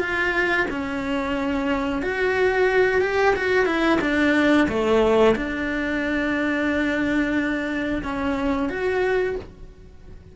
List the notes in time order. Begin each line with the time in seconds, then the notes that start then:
0.00 F4
0.70 C#4
2.02 F#4
3.02 G4
3.36 F#4
3.66 E4
4.01 D4
4.69 A3
5.36 D4
8.03 C#4
8.69 F#4